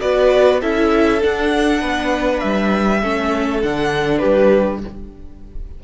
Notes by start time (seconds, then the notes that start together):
0.00 B3 F#4 B4 D5
0.61 C#4 E4 A4 E5
1.21 D4 F#5
1.81 B3 B4
2.39 G3 E5
3.01 A3 C#4 A4
3.62 D3 D4 F#5
4.18 G3 G4 B4